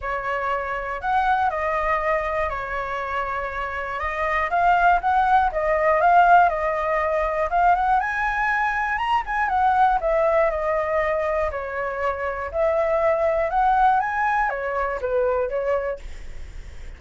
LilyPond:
\new Staff \with { instrumentName = "flute" } { \time 4/4 \tempo 4 = 120 cis''2 fis''4 dis''4~ | dis''4 cis''2. | dis''4 f''4 fis''4 dis''4 | f''4 dis''2 f''8 fis''8 |
gis''2 ais''8 gis''8 fis''4 | e''4 dis''2 cis''4~ | cis''4 e''2 fis''4 | gis''4 cis''4 b'4 cis''4 | }